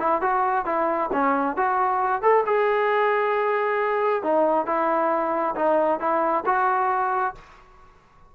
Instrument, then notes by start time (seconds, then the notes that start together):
trombone
0.00 E4
0.21 F#4
0.66 E4
1.13 C#4
1.57 F#4
2.22 A4
2.46 G#4
4.23 D#4
4.66 E4
5.56 D#4
6.00 E4
6.46 F#4